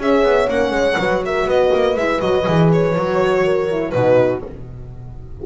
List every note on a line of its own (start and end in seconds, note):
0.00 0.23 C#4
0.00 0.48 G#4
0.00 1.00 C#5
0.00 0.50 E5
0.23 0.48 B3
0.48 0.71 A#3
0.48 0.97 C#4
0.48 1.24 F#5
0.71 0.96 G#3
0.99 1.47 F#3
0.99 1.99 F#4
0.99 1.24 B4
1.26 1.47 A#4
1.26 1.50 E5
1.47 1.71 B3
1.47 3.43 B4
1.47 1.98 D#5
1.74 1.96 A#3
1.96 2.21 G#3
1.96 2.22 E4
1.96 2.21 E5
2.21 2.47 F#3
2.21 2.46 F#4
2.21 2.70 D#5
2.47 2.96 E3
2.47 2.96 G#4
2.73 3.91 C#5
2.96 3.94 F#3
2.96 3.71 F#4
3.44 3.94 A#4
3.71 3.94 E4
3.91 4.44 B2
3.91 4.43 D#4
3.91 4.40 B4
3.97 4.46 F#4